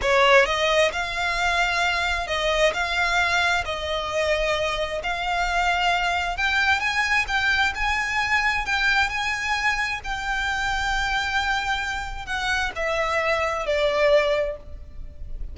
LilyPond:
\new Staff \with { instrumentName = "violin" } { \time 4/4 \tempo 4 = 132 cis''4 dis''4 f''2~ | f''4 dis''4 f''2 | dis''2. f''4~ | f''2 g''4 gis''4 |
g''4 gis''2 g''4 | gis''2 g''2~ | g''2. fis''4 | e''2 d''2 | }